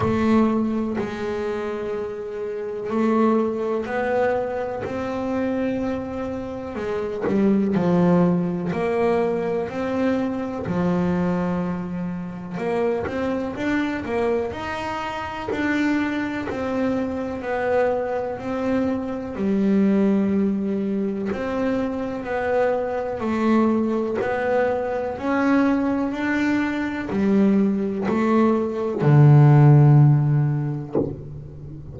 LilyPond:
\new Staff \with { instrumentName = "double bass" } { \time 4/4 \tempo 4 = 62 a4 gis2 a4 | b4 c'2 gis8 g8 | f4 ais4 c'4 f4~ | f4 ais8 c'8 d'8 ais8 dis'4 |
d'4 c'4 b4 c'4 | g2 c'4 b4 | a4 b4 cis'4 d'4 | g4 a4 d2 | }